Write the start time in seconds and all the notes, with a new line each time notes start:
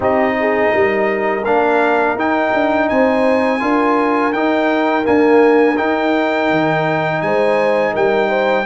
0.00 C4 D#4 G4 D#5
0.40 G#4
0.71 G3 A#4
1.44 A#3 D4 F5
2.15 D#4 G5
2.53 D4
2.89 C4 C5 G#5
3.59 D4 F4 A#4
4.33 D#4 G5
5.03 A#3 D4 G#5
5.76 D#4 G5
6.50 D#3
7.21 G#3 C5 G#5
7.93 G3 A#4 G5
8.28 C5